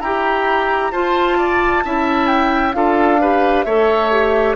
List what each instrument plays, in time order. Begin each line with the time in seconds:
0.00 bassoon E4, oboe G4, clarinet G4, flute A#5
0.91 bassoon F4, clarinet F4, oboe C5, flute A5
1.37 oboe D5
1.84 bassoon C#4, clarinet E4, oboe E5
2.27 flute G5
2.73 bassoon D4, clarinet F4, oboe A4, flute F5
3.20 clarinet G4, oboe B4
3.63 bassoon A3, clarinet A4, oboe C#5, flute E5
4.11 clarinet G4